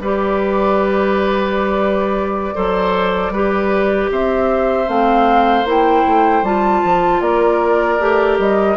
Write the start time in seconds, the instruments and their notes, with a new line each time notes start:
0.00 bassoon G3, clarinet G4, oboe B4, flute D5
2.55 bassoon F#3, clarinet A4, oboe C5
3.30 bassoon G3, clarinet G4, oboe B4
4.12 bassoon C4, oboe C5, flute E5
4.87 bassoon A3, clarinet C4, flute F5
5.64 bassoon A#3, clarinet E4, flute G5
6.07 bassoon A3
6.43 bassoon G3, clarinet F4, flute A5
6.84 bassoon F3
7.21 bassoon A#3, oboe A#4, flute D5
8.00 bassoon A3, clarinet G4
8.39 bassoon G3, flute D#5